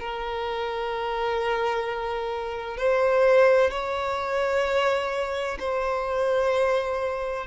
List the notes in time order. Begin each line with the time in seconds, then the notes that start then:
0.00 A#4
2.77 C5
3.71 C#5
5.59 C5